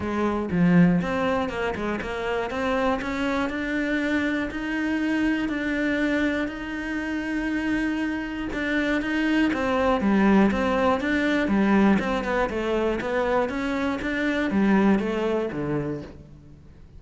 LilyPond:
\new Staff \with { instrumentName = "cello" } { \time 4/4 \tempo 4 = 120 gis4 f4 c'4 ais8 gis8 | ais4 c'4 cis'4 d'4~ | d'4 dis'2 d'4~ | d'4 dis'2.~ |
dis'4 d'4 dis'4 c'4 | g4 c'4 d'4 g4 | c'8 b8 a4 b4 cis'4 | d'4 g4 a4 d4 | }